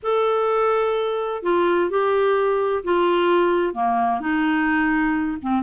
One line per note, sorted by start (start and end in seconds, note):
0.02 1.43 A4
1.43 1.89 F4
1.89 2.83 G4
2.84 3.74 F4
3.74 4.20 A#3
4.20 5.37 D#4
5.41 5.62 C4